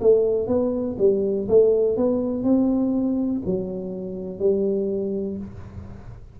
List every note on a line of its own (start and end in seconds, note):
0.00 0.47 A3
0.47 0.96 B3
0.98 1.47 G3
1.48 1.96 A3
1.96 2.43 B3
2.43 3.42 C4
3.45 4.39 F#3
4.39 5.37 G3